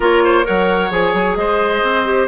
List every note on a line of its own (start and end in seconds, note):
0.00 0.44 A#3
0.00 0.43 F4
0.00 0.23 A#4
0.00 0.45 C#5
0.24 0.46 C5
0.43 0.91 F#3
0.43 0.89 A#4
0.43 1.37 C#5
0.43 0.91 F#5
0.90 1.13 F3
0.90 2.04 G#4
0.90 1.35 G#5
1.13 1.36 F#3
1.35 1.82 G#3
1.35 2.27 C5
1.35 2.27 D#5
1.82 2.27 C4
2.05 2.27 G4